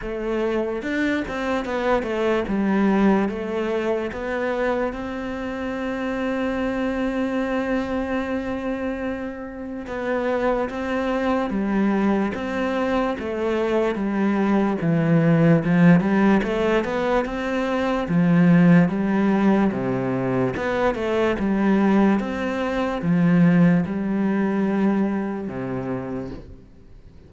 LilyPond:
\new Staff \with { instrumentName = "cello" } { \time 4/4 \tempo 4 = 73 a4 d'8 c'8 b8 a8 g4 | a4 b4 c'2~ | c'1 | b4 c'4 g4 c'4 |
a4 g4 e4 f8 g8 | a8 b8 c'4 f4 g4 | c4 b8 a8 g4 c'4 | f4 g2 c4 | }